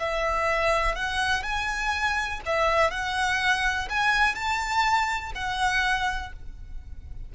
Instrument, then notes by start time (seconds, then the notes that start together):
violin
0.00 E5
0.96 F#5
1.43 G#5
2.46 E5
2.91 F#5
3.90 G#5
4.35 A5
5.35 F#5